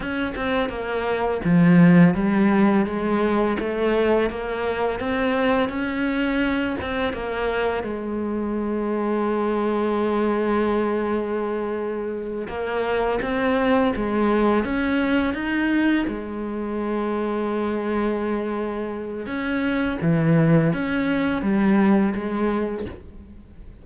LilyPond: \new Staff \with { instrumentName = "cello" } { \time 4/4 \tempo 4 = 84 cis'8 c'8 ais4 f4 g4 | gis4 a4 ais4 c'4 | cis'4. c'8 ais4 gis4~ | gis1~ |
gis4. ais4 c'4 gis8~ | gis8 cis'4 dis'4 gis4.~ | gis2. cis'4 | e4 cis'4 g4 gis4 | }